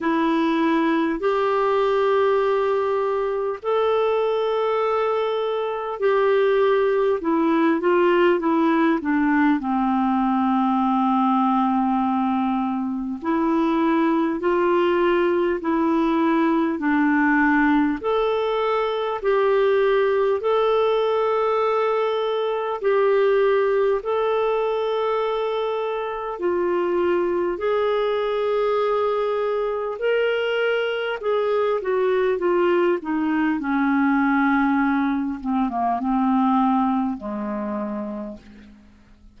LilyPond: \new Staff \with { instrumentName = "clarinet" } { \time 4/4 \tempo 4 = 50 e'4 g'2 a'4~ | a'4 g'4 e'8 f'8 e'8 d'8 | c'2. e'4 | f'4 e'4 d'4 a'4 |
g'4 a'2 g'4 | a'2 f'4 gis'4~ | gis'4 ais'4 gis'8 fis'8 f'8 dis'8 | cis'4. c'16 ais16 c'4 gis4 | }